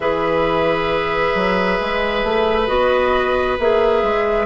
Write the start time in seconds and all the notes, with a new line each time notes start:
0.00 E3 G#4 B4 E5
1.34 F#3
1.80 G#3
2.23 A3
2.67 B3 F#4 D#5
3.58 A#3 G#4 E5
4.02 G#3